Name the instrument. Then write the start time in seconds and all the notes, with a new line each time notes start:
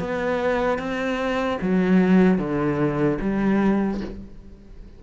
cello
0.00 B3
0.79 C4
1.61 F#3
2.38 D3
3.21 G3